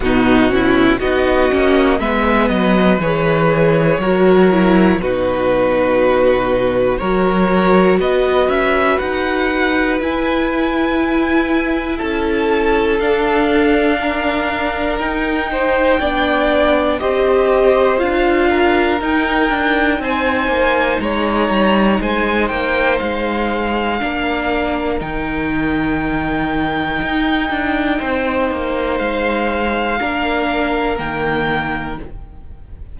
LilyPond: <<
  \new Staff \with { instrumentName = "violin" } { \time 4/4 \tempo 4 = 60 fis'4 dis''4 e''8 dis''8 cis''4~ | cis''4 b'2 cis''4 | dis''8 e''8 fis''4 gis''2 | a''4 f''2 g''4~ |
g''4 dis''4 f''4 g''4 | gis''4 ais''4 gis''8 g''8 f''4~ | f''4 g''2.~ | g''4 f''2 g''4 | }
  \new Staff \with { instrumentName = "violin" } { \time 4/4 dis'8 e'8 fis'4 b'2 | ais'4 fis'2 ais'4 | b'1 | a'2 ais'4. c''8 |
d''4 c''4. ais'4. | c''4 cis''4 c''2 | ais'1 | c''2 ais'2 | }
  \new Staff \with { instrumentName = "viola" } { \time 4/4 b8 cis'8 dis'8 cis'8 b4 gis'4 | fis'8 e'8 dis'2 fis'4~ | fis'2 e'2~ | e'4 d'2 dis'4 |
d'4 g'4 f'4 dis'4~ | dis'1 | d'4 dis'2.~ | dis'2 d'4 ais4 | }
  \new Staff \with { instrumentName = "cello" } { \time 4/4 b,4 b8 ais8 gis8 fis8 e4 | fis4 b,2 fis4 | b8 cis'8 dis'4 e'2 | cis'4 d'2 dis'4 |
b4 c'4 d'4 dis'8 d'8 | c'8 ais8 gis8 g8 gis8 ais8 gis4 | ais4 dis2 dis'8 d'8 | c'8 ais8 gis4 ais4 dis4 | }
>>